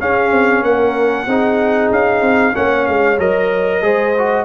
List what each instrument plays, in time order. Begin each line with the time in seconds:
0.00 trombone C#4, tuba C#4, horn G#4, trumpet F5
0.31 tuba C4
0.62 tuba A#3, horn A#4, trumpet F#5
1.26 tuba C4, trombone D#4, horn G#4
1.91 tuba C#4, trumpet F5
2.21 tuba C4
2.53 tuba A#3, trombone C#4, horn C#5, trumpet F#5
2.86 tuba G#3, trumpet F5
3.19 tuba F#3, trombone A#4, trumpet D#5
3.82 tuba G#3, trombone G#4, horn C5
4.18 trombone F#4